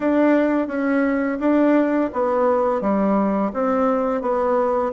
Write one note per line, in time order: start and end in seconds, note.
0.00 0.67 D4
0.67 1.38 C#4
1.39 2.10 D4
2.13 2.81 B3
2.81 3.51 G3
3.53 4.21 C4
4.21 4.92 B3